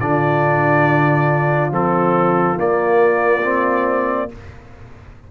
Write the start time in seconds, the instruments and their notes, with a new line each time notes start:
0.00 tuba D3, trombone D4, horn F4, trumpet D5
1.71 tuba F3, trombone C4, trumpet A4
2.56 trombone A#3, tuba A#3, trumpet D5
3.43 trombone C4